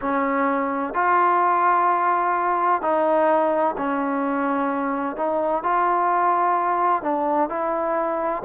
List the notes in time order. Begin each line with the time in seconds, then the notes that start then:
0.01 C#4
0.94 F4
2.81 D#4
3.78 C#4
5.16 D#4
5.62 F4
7.02 D4
7.49 E4